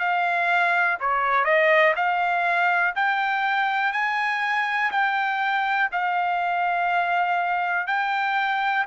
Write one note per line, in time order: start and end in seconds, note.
0.00 0.98 F5
1.01 1.45 C#5
1.45 1.94 D#5
1.96 2.95 F5
2.96 3.93 G5
3.93 4.91 G#5
4.92 5.90 G5
5.92 7.87 F5
7.87 8.86 G5